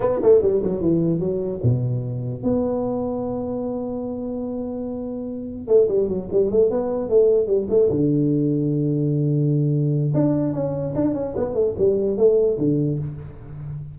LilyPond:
\new Staff \with { instrumentName = "tuba" } { \time 4/4 \tempo 4 = 148 b8 a8 g8 fis8 e4 fis4 | b,2 b2~ | b1~ | b2 a8 g8 fis8 g8 |
a8 b4 a4 g8 a8 d8~ | d1~ | d4 d'4 cis'4 d'8 cis'8 | b8 a8 g4 a4 d4 | }